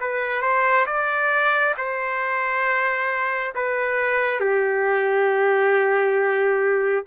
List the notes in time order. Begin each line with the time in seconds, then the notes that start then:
0.00 B4
0.41 C5
0.86 D5
1.77 C5
3.55 B4
4.40 G4